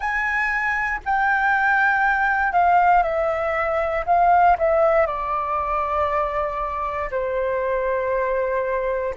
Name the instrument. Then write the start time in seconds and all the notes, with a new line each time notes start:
flute
0.00 G#5
1.04 G5
2.52 F5
3.02 E5
4.06 F5
4.58 E5
5.06 D5
7.10 C5